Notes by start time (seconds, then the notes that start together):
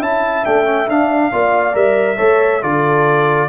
0.00 C#4 E4 E5 A5
0.45 A3 D4 G5
0.65 C#4
0.89 D4 F5
1.32 A#3 F4 D5
1.73 G3 A#4 E5
2.17 A3 A4 C#5
2.62 D3 F4 A4 D5